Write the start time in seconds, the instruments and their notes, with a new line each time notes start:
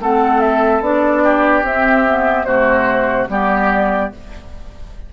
0.00 bassoon A3, clarinet C4, oboe A4, flute F#5
0.41 flute E5
0.81 bassoon B3, clarinet D4, flute D5
1.24 oboe G4
1.63 bassoon C4, clarinet C4, flute E5
2.06 clarinet B3
2.45 bassoon C3, clarinet A3, oboe F#4, flute C5
3.29 bassoon G3, clarinet B3, oboe G4, flute D5